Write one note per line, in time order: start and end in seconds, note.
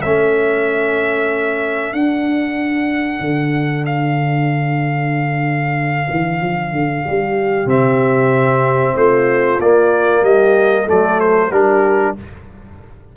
0.00 1.92 A3
0.00 1.95 C#4
0.00 7.02 A4
0.00 1.93 E5
1.92 3.20 D4
1.92 7.67 D4
1.92 3.85 F#5
3.20 6.07 D3
3.86 7.69 F5
6.10 6.41 E3
6.41 6.72 F3
6.72 7.04 D3
7.04 7.65 G3
7.04 8.96 G4
7.65 8.93 C3
7.65 9.58 C4
7.65 8.97 E5
8.95 9.59 A3
8.95 10.24 F4
8.95 9.61 C5
9.59 10.22 A#3
9.59 10.87 A#3
9.59 10.24 D5
10.22 10.86 G3
10.22 10.84 G4
10.22 10.88 D#5
10.84 11.50 F#3
10.84 11.51 A3
10.84 11.48 A4
10.84 11.20 D5
11.20 11.51 C5
11.50 12.14 G3
11.50 12.16 D4
11.50 12.15 G4
11.50 12.15 A#4